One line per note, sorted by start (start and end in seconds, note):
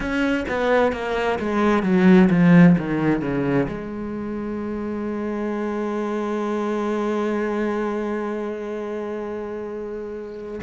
0.00 0.45 C#4
0.48 0.92 B3
0.92 1.38 A#3
1.39 1.83 G#3
1.83 2.29 F#3
2.30 2.76 F3
2.77 3.21 D#3
3.21 3.67 C#3
3.68 10.60 G#3